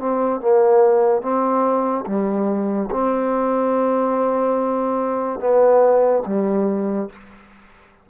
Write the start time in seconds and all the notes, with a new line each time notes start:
0.00 C4
0.41 A#3
1.22 C4
2.06 G3
2.91 C4
5.40 B3
6.27 G3